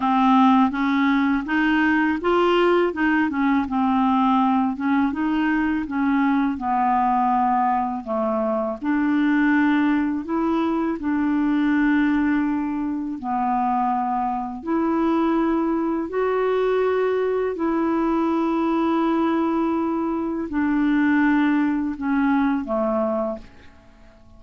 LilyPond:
\new Staff \with { instrumentName = "clarinet" } { \time 4/4 \tempo 4 = 82 c'4 cis'4 dis'4 f'4 | dis'8 cis'8 c'4. cis'8 dis'4 | cis'4 b2 a4 | d'2 e'4 d'4~ |
d'2 b2 | e'2 fis'2 | e'1 | d'2 cis'4 a4 | }